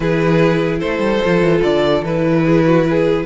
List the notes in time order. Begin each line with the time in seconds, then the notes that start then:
0.00 E3 E4 G#4 B4
0.79 A3 A4 C5
0.99 G3
1.24 F3 F4
1.41 E3
1.63 D3 D5
2.02 E3 E4 B4
2.44 G#4
2.66 F#4
2.89 G#4